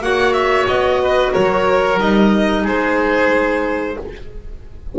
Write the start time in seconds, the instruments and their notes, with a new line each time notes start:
0.00 double bass A#3, clarinet F#4, oboe C#5, violin F#5
0.33 violin E5
0.67 double bass B3, violin D#5
1.02 oboe B4
1.33 double bass F#3, oboe A#4, violin C#5
1.99 double bass G3, clarinet D#4, violin D#5
2.63 double bass G#3, oboe G#4, violin C5